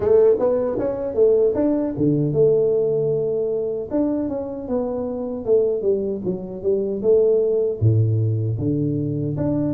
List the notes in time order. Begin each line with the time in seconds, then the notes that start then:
0.00 A3
0.39 B3
0.78 C#4
1.14 A3
1.54 D4
1.97 D3
2.32 A3
3.91 D4
4.29 C#4
4.68 B3
5.45 A3
5.82 G3
6.24 F#3
6.62 G3
7.01 A3
7.80 A2
8.58 D3
9.36 D4